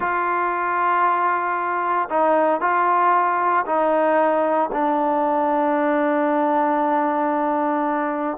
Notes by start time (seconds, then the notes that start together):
0.00 F4
2.09 D#4
2.60 F4
3.65 D#4
4.72 D4